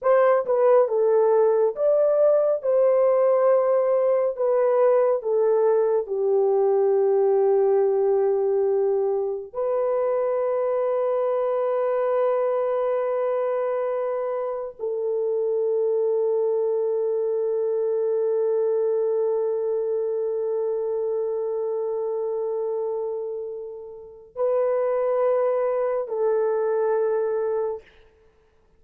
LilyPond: \new Staff \with { instrumentName = "horn" } { \time 4/4 \tempo 4 = 69 c''8 b'8 a'4 d''4 c''4~ | c''4 b'4 a'4 g'4~ | g'2. b'4~ | b'1~ |
b'4 a'2.~ | a'1~ | a'1 | b'2 a'2 | }